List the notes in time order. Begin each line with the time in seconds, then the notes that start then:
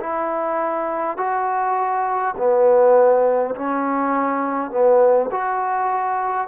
0.00 E4
1.17 F#4
2.37 B3
3.55 C#4
4.71 B3
5.31 F#4